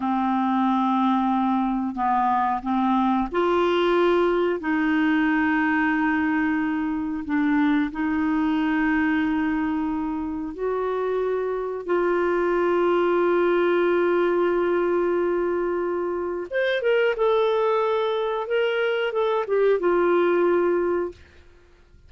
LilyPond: \new Staff \with { instrumentName = "clarinet" } { \time 4/4 \tempo 4 = 91 c'2. b4 | c'4 f'2 dis'4~ | dis'2. d'4 | dis'1 |
fis'2 f'2~ | f'1~ | f'4 c''8 ais'8 a'2 | ais'4 a'8 g'8 f'2 | }